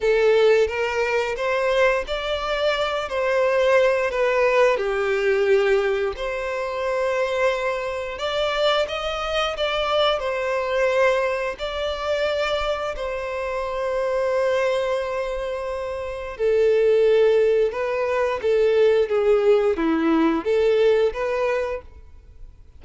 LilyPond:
\new Staff \with { instrumentName = "violin" } { \time 4/4 \tempo 4 = 88 a'4 ais'4 c''4 d''4~ | d''8 c''4. b'4 g'4~ | g'4 c''2. | d''4 dis''4 d''4 c''4~ |
c''4 d''2 c''4~ | c''1 | a'2 b'4 a'4 | gis'4 e'4 a'4 b'4 | }